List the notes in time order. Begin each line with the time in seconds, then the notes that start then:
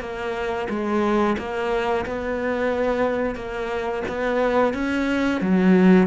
0.00 A#3
0.69 G#3
1.38 A#3
2.06 B3
3.35 A#3
4.08 B3
4.73 C#4
5.41 F#3